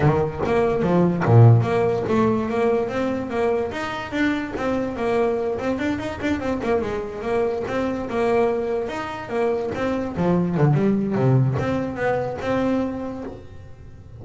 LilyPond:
\new Staff \with { instrumentName = "double bass" } { \time 4/4 \tempo 4 = 145 dis4 ais4 f4 ais,4 | ais4 a4 ais4 c'4 | ais4 dis'4 d'4 c'4 | ais4. c'8 d'8 dis'8 d'8 c'8 |
ais8 gis4 ais4 c'4 ais8~ | ais4. dis'4 ais4 c'8~ | c'8 f4 d8 g4 c4 | c'4 b4 c'2 | }